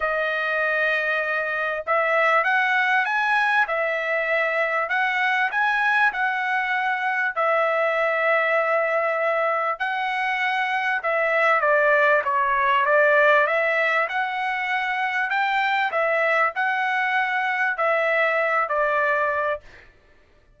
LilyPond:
\new Staff \with { instrumentName = "trumpet" } { \time 4/4 \tempo 4 = 98 dis''2. e''4 | fis''4 gis''4 e''2 | fis''4 gis''4 fis''2 | e''1 |
fis''2 e''4 d''4 | cis''4 d''4 e''4 fis''4~ | fis''4 g''4 e''4 fis''4~ | fis''4 e''4. d''4. | }